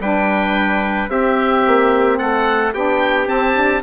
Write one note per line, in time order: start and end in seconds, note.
0.00 1.08 G3
0.00 1.09 D4
0.00 1.11 B4
0.00 1.10 G5
1.08 1.63 C4
1.08 2.72 C4
1.08 2.18 G4
1.08 2.18 E5
1.67 2.20 A#3
2.18 2.74 A3
2.18 2.73 A4
2.18 2.73 F#5
2.74 3.28 B3
2.74 3.26 D4
2.74 3.82 G4
2.74 3.28 G5
3.26 3.54 C4
3.26 3.82 C4
3.26 3.82 A5
3.54 3.81 D4